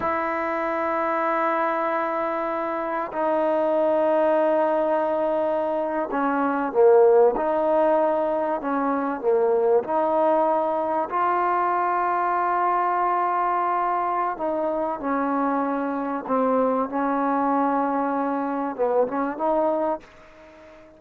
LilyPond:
\new Staff \with { instrumentName = "trombone" } { \time 4/4 \tempo 4 = 96 e'1~ | e'4 dis'2.~ | dis'4.~ dis'16 cis'4 ais4 dis'16~ | dis'4.~ dis'16 cis'4 ais4 dis'16~ |
dis'4.~ dis'16 f'2~ f'16~ | f'2. dis'4 | cis'2 c'4 cis'4~ | cis'2 b8 cis'8 dis'4 | }